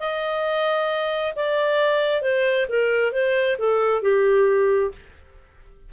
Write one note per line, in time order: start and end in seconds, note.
0.00 1.34 D#5
1.36 2.22 D5
2.22 2.67 C5
2.69 3.13 A#4
3.13 3.57 C5
3.59 4.03 A4
4.03 4.92 G4